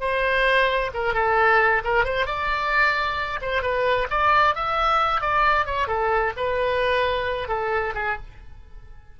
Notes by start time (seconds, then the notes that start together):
0.00 C5
0.94 A#4
1.14 A4
1.84 A#4
2.05 C5
2.26 D5
3.41 C5
3.62 B4
4.10 D5
4.55 E5
5.21 D5
5.66 C#5
5.87 A4
6.36 B4
7.48 A4
7.95 G#4